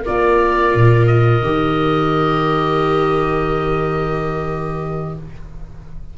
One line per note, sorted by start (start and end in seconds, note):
0.00 1.42 F4
0.00 5.11 A#4
0.00 1.06 D5
0.08 0.74 A#3
0.74 1.42 A#2
1.06 5.15 D#5
1.42 5.17 D#3
1.42 5.17 G4